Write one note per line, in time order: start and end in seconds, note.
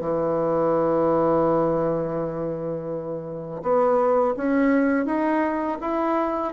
0.00 3.61 E3
3.62 4.34 B3
4.36 5.05 C#4
5.05 5.77 D#4
5.81 6.53 E4